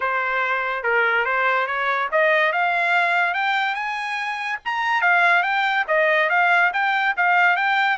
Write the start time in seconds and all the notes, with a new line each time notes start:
0.00 C5
0.83 A#4
1.25 C5
1.66 C#5
2.11 D#5
2.52 F5
3.34 G5
3.74 G#5
4.65 A#5
5.01 F5
5.42 G5
5.87 D#5
6.29 F5
6.73 G5
7.17 F5
7.56 G5